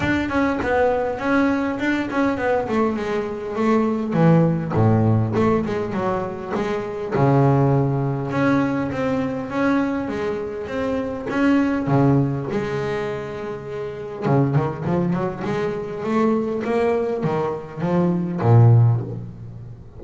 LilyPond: \new Staff \with { instrumentName = "double bass" } { \time 4/4 \tempo 4 = 101 d'8 cis'8 b4 cis'4 d'8 cis'8 | b8 a8 gis4 a4 e4 | a,4 a8 gis8 fis4 gis4 | cis2 cis'4 c'4 |
cis'4 gis4 c'4 cis'4 | cis4 gis2. | cis8 dis8 f8 fis8 gis4 a4 | ais4 dis4 f4 ais,4 | }